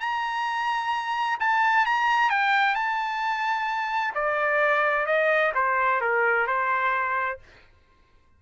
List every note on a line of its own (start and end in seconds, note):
0.00 1.38 A#5
1.40 1.86 A5
1.86 2.30 A#5
2.30 2.75 G5
2.75 4.14 A5
4.15 5.06 D5
5.06 5.53 D#5
5.55 6.01 C5
6.01 6.47 A#4
6.47 7.39 C5